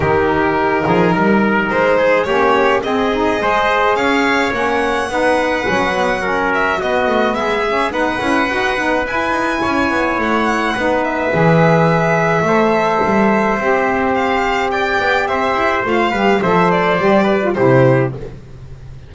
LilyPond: <<
  \new Staff \with { instrumentName = "violin" } { \time 4/4 \tempo 4 = 106 ais'2. c''4 | cis''4 dis''2 f''4 | fis''2.~ fis''8 e''8 | dis''4 e''4 fis''2 |
gis''2 fis''4. e''8~ | e''1~ | e''4 f''4 g''4 e''4 | f''4 e''8 d''4. c''4 | }
  \new Staff \with { instrumentName = "trumpet" } { \time 4/4 g'4. gis'8 ais'4. gis'8 | g'4 gis'4 c''4 cis''4~ | cis''4 b'2 ais'4 | fis'4 gis'4 b'2~ |
b'4 cis''2 b'4~ | b'2 c''2~ | c''2 d''4 c''4~ | c''8 b'8 c''4. b'8 g'4 | }
  \new Staff \with { instrumentName = "saxophone" } { \time 4/4 dis'1 | cis'4 c'8 dis'8 gis'2 | cis'4 dis'4 cis'8 b8 cis'4 | b4. cis'8 dis'8 e'8 fis'8 dis'8 |
e'2. dis'4 | gis'2 a'2 | g'1 | f'8 g'8 a'4 g'8. f'16 e'4 | }
  \new Staff \with { instrumentName = "double bass" } { \time 4/4 dis4. f8 g4 gis4 | ais4 c'4 gis4 cis'4 | ais4 b4 fis2 | b8 a8 gis4 b8 cis'8 dis'8 b8 |
e'8 dis'8 cis'8 b8 a4 b4 | e2 a4 g4 | c'2~ c'8 b8 c'8 e'8 | a8 g8 f4 g4 c4 | }
>>